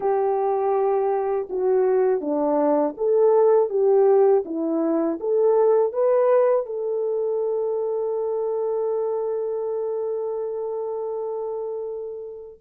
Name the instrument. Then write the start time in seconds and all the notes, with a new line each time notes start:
horn
0.00 G4
1.49 F#4
2.21 D4
2.97 A4
3.69 G4
4.45 E4
5.20 A4
5.93 B4
6.66 A4